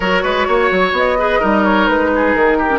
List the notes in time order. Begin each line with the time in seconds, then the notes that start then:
0.00 F#3 F#4 A#4 C#5
0.23 G#3 B4
0.47 A#3 C#5
0.71 F#3
0.92 B3 D#5
1.18 G#4 B4
1.39 G3 D#4 A#4
1.64 C#5
1.88 G#3 B4
2.15 G#4
2.34 D#3 A#4
2.58 G4
2.69 C#4